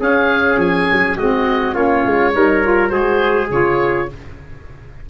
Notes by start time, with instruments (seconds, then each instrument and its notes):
0.00 tuba C#4, saxophone C#4, trumpet G#4, oboe F5
0.57 tuba F3, oboe G#5
0.92 tuba F#3
1.17 tuba G#3, saxophone C4, trumpet F#4, oboe D#5
1.75 tuba A#3, saxophone C#4, trumpet F4, oboe C#5
2.06 tuba G#3
2.34 tuba G3, saxophone D#4, trumpet A#4
2.65 saxophone F4
2.89 tuba G#3, saxophone F#4, trumpet G#4, oboe C5
3.50 tuba C#3, saxophone F4, oboe C#5